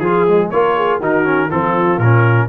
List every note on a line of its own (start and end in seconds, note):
0.00 0.50 F3
0.00 0.28 F4
0.00 0.50 G#4
0.00 0.52 G#4
0.28 0.53 G#3
0.51 1.00 A#3
0.51 1.02 F4
0.51 0.77 A#4
0.51 1.00 C#5
0.77 1.00 G#4
1.00 1.50 D#3
1.00 1.25 D#4
1.00 1.49 F#4
1.00 1.51 A#4
1.25 1.50 C#4
1.49 1.98 F3
1.49 2.00 C4
1.49 2.48 F4
1.49 1.99 A4
1.98 2.48 A#2
1.98 2.49 C#4
1.98 2.49 A#4